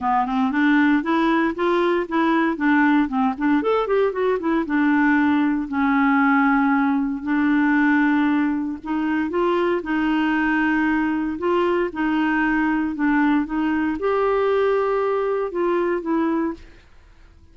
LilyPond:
\new Staff \with { instrumentName = "clarinet" } { \time 4/4 \tempo 4 = 116 b8 c'8 d'4 e'4 f'4 | e'4 d'4 c'8 d'8 a'8 g'8 | fis'8 e'8 d'2 cis'4~ | cis'2 d'2~ |
d'4 dis'4 f'4 dis'4~ | dis'2 f'4 dis'4~ | dis'4 d'4 dis'4 g'4~ | g'2 f'4 e'4 | }